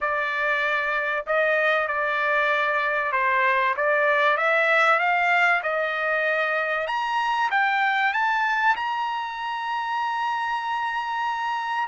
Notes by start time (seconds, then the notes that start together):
0.00 D5
1.26 D#5
1.87 D5
3.12 C5
3.76 D5
4.37 E5
4.99 F5
5.62 D#5
6.87 A#5
7.50 G5
8.13 A5
8.76 A#5